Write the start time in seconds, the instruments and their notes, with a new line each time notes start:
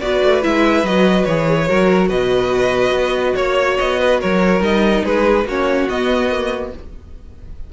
0.00 cello B3, viola F#4, violin B4 D5
0.23 cello A3
0.42 cello G#3, viola E4, violin E5
0.83 cello F#3, viola F#4, violin D#5
1.24 cello E3, viola G#4, violin C#5
1.67 cello F#3, viola F#4, violin A#4
2.08 cello B2, violin B4 D#5
2.91 cello B3
3.35 cello A#3, violin C#5
3.78 cello B3, violin D#5
4.00 violin B4
4.20 cello F#3, violin A#4 C#5
4.60 cello G3, viola D#4, violin D#5
5.04 cello G#3, violin G#4 B4
5.44 cello A#3, viola C#4, violin F#4 C#5
5.88 cello B3, viola B3, violin D#5
6.30 viola A#3